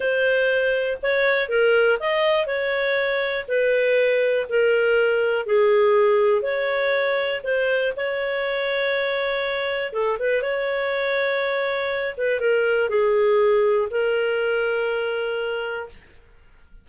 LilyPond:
\new Staff \with { instrumentName = "clarinet" } { \time 4/4 \tempo 4 = 121 c''2 cis''4 ais'4 | dis''4 cis''2 b'4~ | b'4 ais'2 gis'4~ | gis'4 cis''2 c''4 |
cis''1 | a'8 b'8 cis''2.~ | cis''8 b'8 ais'4 gis'2 | ais'1 | }